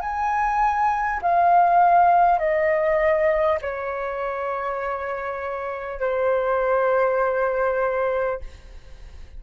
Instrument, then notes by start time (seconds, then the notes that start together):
flute
0.00 G#5
1.22 F5
2.38 D#5
3.61 C#5
6.00 C5